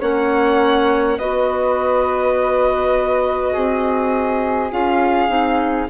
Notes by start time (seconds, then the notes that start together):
0.00 A#3 C#4 C#5 F#5
1.18 B3 F#4 B4 D#5
3.53 C4 G#4
4.72 C#4 F4 F5
5.28 C4 D#4